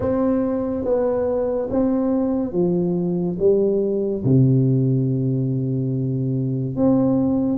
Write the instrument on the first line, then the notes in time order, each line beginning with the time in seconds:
tuba
0.00 C4
0.84 B3
1.70 C4
2.52 F3
3.38 G3
4.24 C3
6.76 C4